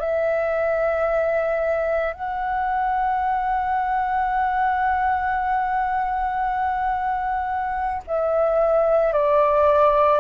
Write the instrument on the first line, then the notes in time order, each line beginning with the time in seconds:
flute
0.00 E5
2.14 F#5
8.07 E5
9.13 D5